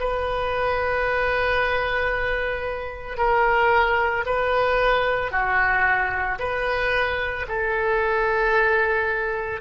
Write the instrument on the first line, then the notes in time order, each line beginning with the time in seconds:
oboe
0.00 B4
3.18 A#4
4.26 B4
5.32 F#4
6.39 B4
7.48 A4